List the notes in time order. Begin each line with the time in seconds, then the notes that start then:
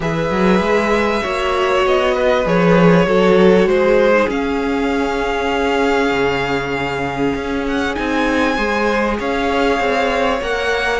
0.00 E3 G#4 B4 E5
0.30 F#3
0.59 G#3
1.22 A#3 F#4 C#5
1.85 B3 D#5
2.14 B4
2.44 F3 G#4 C#5
3.06 F#3 F#4 A4
3.65 G#3 G#4 C5
4.13 D#4
4.28 C#4 F5
6.11 C#3
7.34 C#4
7.67 F#5
7.95 C4 D#4 G#5
8.55 G#3 G#4 C5
9.18 C#4 C#5 F5
9.79 C4
10.41 A#3 A#4 F#5